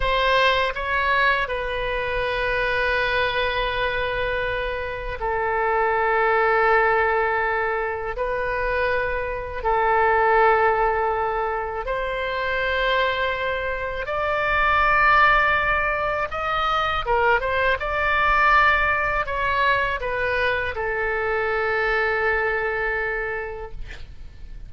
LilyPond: \new Staff \with { instrumentName = "oboe" } { \time 4/4 \tempo 4 = 81 c''4 cis''4 b'2~ | b'2. a'4~ | a'2. b'4~ | b'4 a'2. |
c''2. d''4~ | d''2 dis''4 ais'8 c''8 | d''2 cis''4 b'4 | a'1 | }